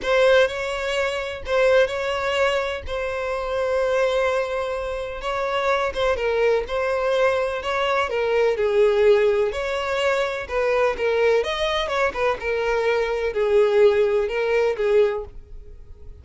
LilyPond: \new Staff \with { instrumentName = "violin" } { \time 4/4 \tempo 4 = 126 c''4 cis''2 c''4 | cis''2 c''2~ | c''2. cis''4~ | cis''8 c''8 ais'4 c''2 |
cis''4 ais'4 gis'2 | cis''2 b'4 ais'4 | dis''4 cis''8 b'8 ais'2 | gis'2 ais'4 gis'4 | }